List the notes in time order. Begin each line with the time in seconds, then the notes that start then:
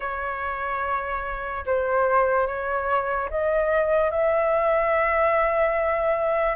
0.00 C#5
1.66 C5
2.47 C#5
3.30 D#5
4.11 E5